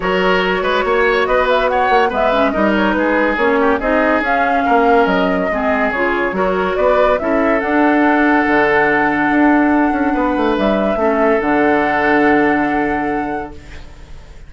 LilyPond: <<
  \new Staff \with { instrumentName = "flute" } { \time 4/4 \tempo 4 = 142 cis''2. dis''8 e''8 | fis''4 e''4 dis''8 cis''8 b'4 | cis''4 dis''4 f''2 | dis''2 cis''2 |
d''4 e''4 fis''2~ | fis''1~ | fis''4 e''2 fis''4~ | fis''1 | }
  \new Staff \with { instrumentName = "oboe" } { \time 4/4 ais'4. b'8 cis''4 b'4 | cis''4 b'4 ais'4 gis'4~ | gis'8 g'8 gis'2 ais'4~ | ais'4 gis'2 ais'4 |
b'4 a'2.~ | a'1 | b'2 a'2~ | a'1 | }
  \new Staff \with { instrumentName = "clarinet" } { \time 4/4 fis'1~ | fis'4 b8 cis'8 dis'2 | cis'4 dis'4 cis'2~ | cis'4 c'4 f'4 fis'4~ |
fis'4 e'4 d'2~ | d'1~ | d'2 cis'4 d'4~ | d'1 | }
  \new Staff \with { instrumentName = "bassoon" } { \time 4/4 fis4. gis8 ais4 b4~ | b8 ais8 gis4 g4 gis4 | ais4 c'4 cis'4 ais4 | fis4 gis4 cis4 fis4 |
b4 cis'4 d'2 | d2 d'4. cis'8 | b8 a8 g4 a4 d4~ | d1 | }
>>